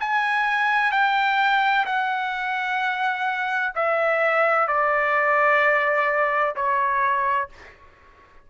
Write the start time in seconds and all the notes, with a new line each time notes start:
0.00 G#5
0.92 G5
1.85 F#5
3.75 E5
4.67 D5
6.55 C#5